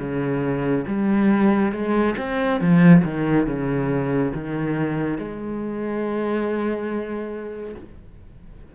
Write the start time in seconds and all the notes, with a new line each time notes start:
0.00 C#3
0.88 G3
1.73 G#3
2.18 C4
2.61 F3
3.05 D#3
3.47 C#3
4.34 D#3
5.19 G#3